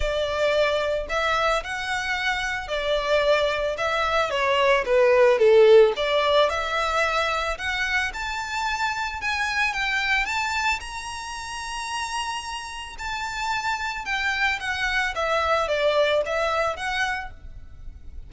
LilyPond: \new Staff \with { instrumentName = "violin" } { \time 4/4 \tempo 4 = 111 d''2 e''4 fis''4~ | fis''4 d''2 e''4 | cis''4 b'4 a'4 d''4 | e''2 fis''4 a''4~ |
a''4 gis''4 g''4 a''4 | ais''1 | a''2 g''4 fis''4 | e''4 d''4 e''4 fis''4 | }